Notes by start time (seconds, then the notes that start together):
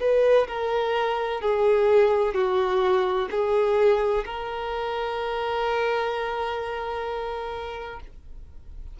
0.00 B4
0.47 A#4
1.41 G#4
2.34 F#4
3.31 G#4
4.25 A#4